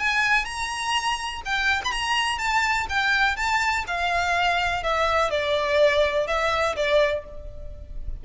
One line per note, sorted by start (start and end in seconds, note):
0.00 0.45 G#5
0.45 1.42 A#5
1.45 1.82 G5
1.85 1.92 B5
1.92 2.39 A#5
2.39 2.87 A5
2.89 3.37 G5
3.37 3.85 A5
3.87 4.83 F5
4.83 5.30 E5
5.30 6.27 D5
6.27 6.76 E5
6.76 7.24 D5